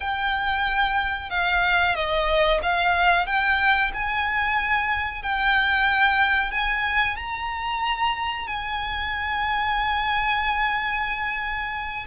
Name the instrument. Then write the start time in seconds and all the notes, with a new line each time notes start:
violin
0.00 G5
1.30 F5
1.95 D#5
2.62 F5
3.26 G5
3.93 G#5
5.22 G5
6.51 G#5
7.16 A#5
8.47 G#5